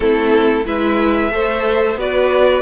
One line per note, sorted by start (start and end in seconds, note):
0.00 0.65 A3
0.00 0.64 C4
0.00 0.65 E4
0.00 0.66 A4
0.65 1.31 G#3
0.65 1.31 E4
0.65 1.31 B4
0.65 1.99 E5
1.31 1.95 A3
1.31 1.97 A4
1.31 1.99 C5
1.95 2.61 B3
1.95 2.61 F#4
1.95 2.61 B4
1.95 2.61 D5